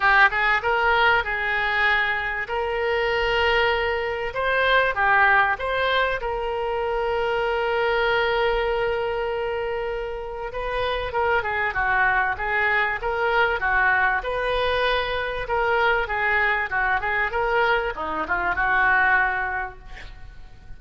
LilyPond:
\new Staff \with { instrumentName = "oboe" } { \time 4/4 \tempo 4 = 97 g'8 gis'8 ais'4 gis'2 | ais'2. c''4 | g'4 c''4 ais'2~ | ais'1~ |
ais'4 b'4 ais'8 gis'8 fis'4 | gis'4 ais'4 fis'4 b'4~ | b'4 ais'4 gis'4 fis'8 gis'8 | ais'4 dis'8 f'8 fis'2 | }